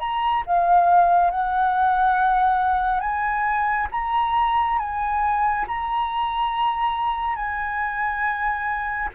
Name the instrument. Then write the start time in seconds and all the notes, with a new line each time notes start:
flute
0.00 A#5
0.47 F5
1.31 F#5
3.01 G#5
3.92 A#5
4.79 G#5
5.68 A#5
7.36 G#5